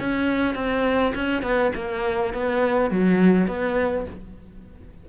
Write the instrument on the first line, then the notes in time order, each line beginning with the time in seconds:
cello
0.00 C#4
0.55 C4
1.15 C#4
1.43 B3
1.76 A#3
2.34 B3
2.91 F#3
3.48 B3